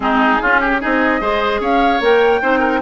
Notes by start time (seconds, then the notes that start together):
0.00 G#3 C4 D#4 G#4
0.41 C#4 F4
0.60 G4
0.80 C4 D#4 G#4 D#5
1.20 G#3 G#4 C5
1.60 C#4 C#5 F5
2.00 A#3 A#4 G5
2.42 C4 D#4 C5
2.59 A#4